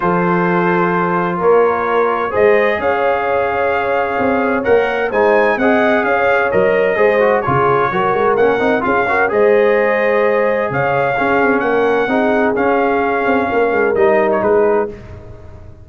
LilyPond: <<
  \new Staff \with { instrumentName = "trumpet" } { \time 4/4 \tempo 4 = 129 c''2. cis''4~ | cis''4 dis''4 f''2~ | f''2 fis''4 gis''4 | fis''4 f''4 dis''2 |
cis''2 fis''4 f''4 | dis''2. f''4~ | f''4 fis''2 f''4~ | f''2 dis''8. cis''16 b'4 | }
  \new Staff \with { instrumentName = "horn" } { \time 4/4 a'2. ais'4~ | ais'4 c''4 cis''2~ | cis''2. c''4 | dis''4 cis''2 c''4 |
gis'4 ais'2 gis'8 ais'8 | c''2. cis''4 | gis'4 ais'4 gis'2~ | gis'4 ais'2 gis'4 | }
  \new Staff \with { instrumentName = "trombone" } { \time 4/4 f'1~ | f'4 gis'2.~ | gis'2 ais'4 dis'4 | gis'2 ais'4 gis'8 fis'8 |
f'4 fis'4 cis'8 dis'8 f'8 fis'8 | gis'1 | cis'2 dis'4 cis'4~ | cis'2 dis'2 | }
  \new Staff \with { instrumentName = "tuba" } { \time 4/4 f2. ais4~ | ais4 gis4 cis'2~ | cis'4 c'4 ais4 gis4 | c'4 cis'4 fis4 gis4 |
cis4 fis8 gis8 ais8 c'8 cis'4 | gis2. cis4 | cis'8 c'8 ais4 c'4 cis'4~ | cis'8 c'8 ais8 gis8 g4 gis4 | }
>>